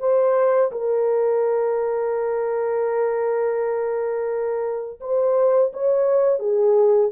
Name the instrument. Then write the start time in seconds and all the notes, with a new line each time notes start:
horn
0.00 C5
0.72 A#4
5.01 C5
5.73 C#5
6.40 G#4